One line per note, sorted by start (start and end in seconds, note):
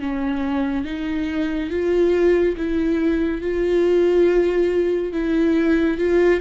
0.00 0.85 C#4
0.85 1.70 D#4
1.70 2.56 F4
2.57 3.42 E4
3.42 5.13 F4
5.13 5.98 E4
5.98 6.41 F4